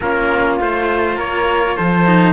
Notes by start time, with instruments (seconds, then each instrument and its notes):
0.00 cello A#3 C#4, flute F4, trumpet A#4
0.59 cello A3 F4, trumpet C5
1.15 cello A#3, flute A#4, trumpet C#5
1.76 cello F3, flute A4, trumpet C5
2.05 cello D#4